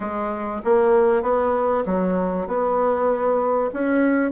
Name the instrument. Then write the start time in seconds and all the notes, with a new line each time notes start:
bassoon
0.00 G#3
0.64 A#3
1.22 B3
1.85 F#3
2.47 B3
3.73 C#4